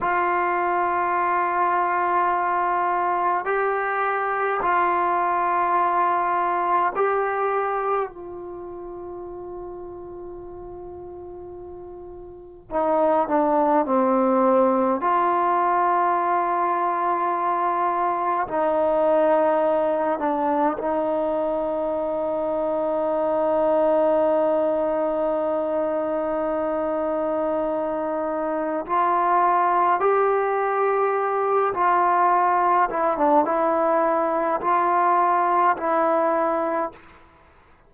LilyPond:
\new Staff \with { instrumentName = "trombone" } { \time 4/4 \tempo 4 = 52 f'2. g'4 | f'2 g'4 f'4~ | f'2. dis'8 d'8 | c'4 f'2. |
dis'4. d'8 dis'2~ | dis'1~ | dis'4 f'4 g'4. f'8~ | f'8 e'16 d'16 e'4 f'4 e'4 | }